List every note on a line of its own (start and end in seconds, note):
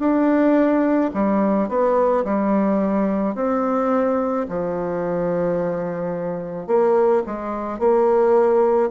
0.00 1.11 D4
1.14 1.69 G3
1.69 2.25 B3
2.25 3.36 G3
3.36 4.47 C4
4.49 6.68 F3
6.68 7.23 A#3
7.27 7.79 G#3
7.79 8.90 A#3